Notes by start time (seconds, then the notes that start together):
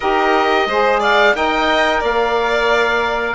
0.00 D#4 G4 A#4 D#5
0.66 G#3 G#4 C5
0.99 D5 F5
1.34 D#4 A#4 D#5 G5
2.00 A#3 D5 F5